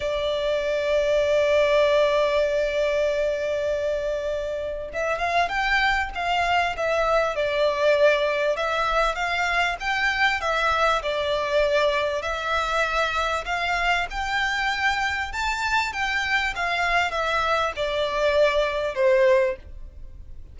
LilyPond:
\new Staff \with { instrumentName = "violin" } { \time 4/4 \tempo 4 = 98 d''1~ | d''1 | e''8 f''8 g''4 f''4 e''4 | d''2 e''4 f''4 |
g''4 e''4 d''2 | e''2 f''4 g''4~ | g''4 a''4 g''4 f''4 | e''4 d''2 c''4 | }